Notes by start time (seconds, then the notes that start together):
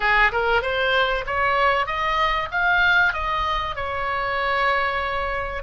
0.00 G#4
0.32 A#4
0.62 C5
1.26 C#5
1.86 D#5
2.51 F5
3.13 D#5
3.75 C#5